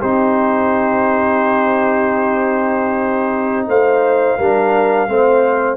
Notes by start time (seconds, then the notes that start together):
0.00 C4 D#4 G4 C5
3.67 A3 C5 F5
4.38 G3 D4 A#4
5.08 A3 C4 C5